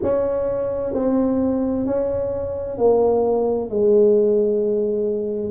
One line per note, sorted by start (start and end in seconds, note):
0.02 0.93 C#4
0.93 1.85 C4
1.85 2.77 C#4
2.77 3.69 A#3
3.69 5.50 G#3